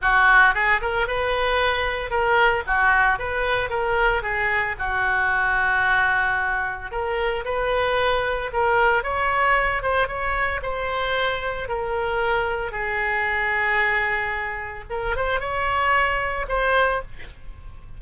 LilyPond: \new Staff \with { instrumentName = "oboe" } { \time 4/4 \tempo 4 = 113 fis'4 gis'8 ais'8 b'2 | ais'4 fis'4 b'4 ais'4 | gis'4 fis'2.~ | fis'4 ais'4 b'2 |
ais'4 cis''4. c''8 cis''4 | c''2 ais'2 | gis'1 | ais'8 c''8 cis''2 c''4 | }